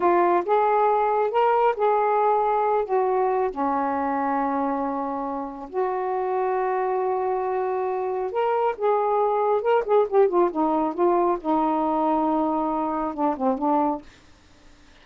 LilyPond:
\new Staff \with { instrumentName = "saxophone" } { \time 4/4 \tempo 4 = 137 f'4 gis'2 ais'4 | gis'2~ gis'8 fis'4. | cis'1~ | cis'4 fis'2.~ |
fis'2. ais'4 | gis'2 ais'8 gis'8 g'8 f'8 | dis'4 f'4 dis'2~ | dis'2 d'8 c'8 d'4 | }